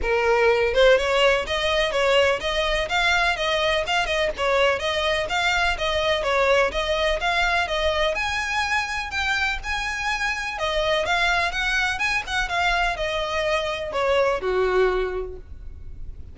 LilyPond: \new Staff \with { instrumentName = "violin" } { \time 4/4 \tempo 4 = 125 ais'4. c''8 cis''4 dis''4 | cis''4 dis''4 f''4 dis''4 | f''8 dis''8 cis''4 dis''4 f''4 | dis''4 cis''4 dis''4 f''4 |
dis''4 gis''2 g''4 | gis''2 dis''4 f''4 | fis''4 gis''8 fis''8 f''4 dis''4~ | dis''4 cis''4 fis'2 | }